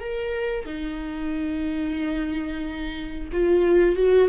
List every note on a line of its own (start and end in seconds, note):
0.00 0.66 A#4
0.66 3.29 D#4
3.32 3.96 F4
3.96 4.29 F#4